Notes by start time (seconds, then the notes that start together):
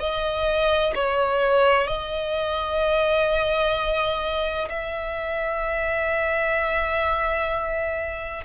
0.00 D#5
0.95 C#5
1.87 D#5
4.70 E5